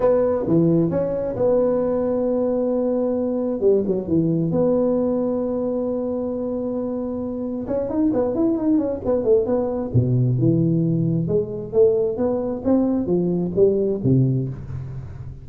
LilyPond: \new Staff \with { instrumentName = "tuba" } { \time 4/4 \tempo 4 = 133 b4 e4 cis'4 b4~ | b1 | g8 fis8 e4 b2~ | b1~ |
b4 cis'8 dis'8 b8 e'8 dis'8 cis'8 | b8 a8 b4 b,4 e4~ | e4 gis4 a4 b4 | c'4 f4 g4 c4 | }